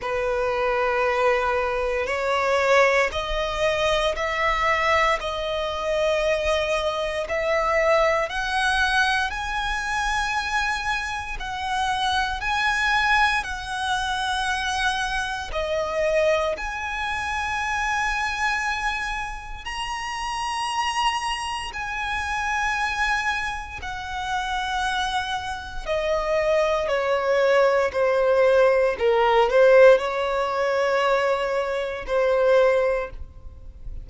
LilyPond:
\new Staff \with { instrumentName = "violin" } { \time 4/4 \tempo 4 = 58 b'2 cis''4 dis''4 | e''4 dis''2 e''4 | fis''4 gis''2 fis''4 | gis''4 fis''2 dis''4 |
gis''2. ais''4~ | ais''4 gis''2 fis''4~ | fis''4 dis''4 cis''4 c''4 | ais'8 c''8 cis''2 c''4 | }